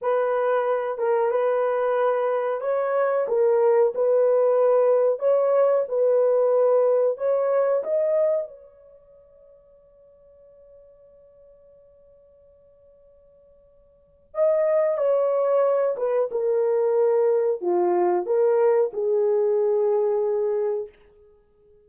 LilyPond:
\new Staff \with { instrumentName = "horn" } { \time 4/4 \tempo 4 = 92 b'4. ais'8 b'2 | cis''4 ais'4 b'2 | cis''4 b'2 cis''4 | dis''4 cis''2.~ |
cis''1~ | cis''2 dis''4 cis''4~ | cis''8 b'8 ais'2 f'4 | ais'4 gis'2. | }